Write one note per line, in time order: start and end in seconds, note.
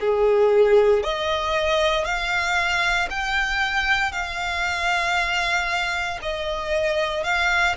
0.00 1.03 G#4
1.03 2.05 D#5
2.05 3.08 F5
3.09 4.12 G5
4.12 6.19 F5
6.22 7.23 D#5
7.23 7.75 F5